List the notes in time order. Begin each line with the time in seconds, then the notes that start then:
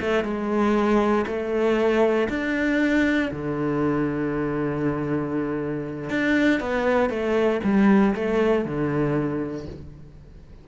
0.00 A3
0.23 G#3
1.26 A3
2.29 D4
3.31 D3
6.09 D4
6.60 B3
7.09 A3
7.63 G3
8.14 A3
8.65 D3